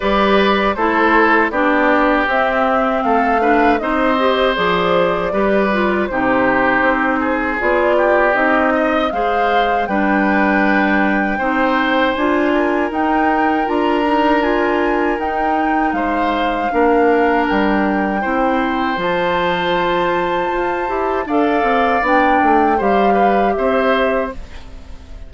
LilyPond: <<
  \new Staff \with { instrumentName = "flute" } { \time 4/4 \tempo 4 = 79 d''4 c''4 d''4 e''4 | f''4 dis''4 d''2 | c''2 d''4 dis''4 | f''4 g''2. |
gis''4 g''4 ais''4 gis''4 | g''4 f''2 g''4~ | g''4 a''2. | f''4 g''4 f''4 e''4 | }
  \new Staff \with { instrumentName = "oboe" } { \time 4/4 b'4 a'4 g'2 | a'8 b'8 c''2 b'4 | g'4. gis'4 g'4 dis''8 | c''4 b'2 c''4~ |
c''8 ais'2.~ ais'8~ | ais'4 c''4 ais'2 | c''1 | d''2 c''8 b'8 c''4 | }
  \new Staff \with { instrumentName = "clarinet" } { \time 4/4 g'4 e'4 d'4 c'4~ | c'8 d'8 dis'8 g'8 gis'4 g'8 f'8 | dis'2 f'4 dis'4 | gis'4 d'2 dis'4 |
f'4 dis'4 f'8 dis'8 f'4 | dis'2 d'2 | e'4 f'2~ f'8 g'8 | a'4 d'4 g'2 | }
  \new Staff \with { instrumentName = "bassoon" } { \time 4/4 g4 a4 b4 c'4 | a4 c'4 f4 g4 | c4 c'4 b4 c'4 | gis4 g2 c'4 |
d'4 dis'4 d'2 | dis'4 gis4 ais4 g4 | c'4 f2 f'8 e'8 | d'8 c'8 b8 a8 g4 c'4 | }
>>